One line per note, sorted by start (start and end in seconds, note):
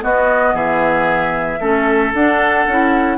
0.00 1.58 B3
0.00 0.54 B3
0.00 0.55 F#4
0.00 0.56 D#5
0.54 1.59 E3
0.54 1.60 G#4
0.54 2.14 E5
1.61 2.13 A3
1.61 2.14 C#4
1.61 3.18 A4
2.14 2.67 D4
2.14 2.70 D4
2.14 3.18 F#5
2.68 3.18 C#4
2.68 3.18 E4